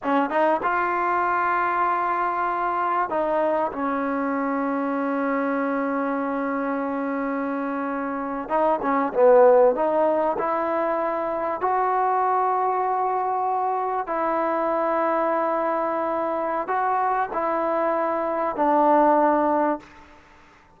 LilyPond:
\new Staff \with { instrumentName = "trombone" } { \time 4/4 \tempo 4 = 97 cis'8 dis'8 f'2.~ | f'4 dis'4 cis'2~ | cis'1~ | cis'4.~ cis'16 dis'8 cis'8 b4 dis'16~ |
dis'8. e'2 fis'4~ fis'16~ | fis'2~ fis'8. e'4~ e'16~ | e'2. fis'4 | e'2 d'2 | }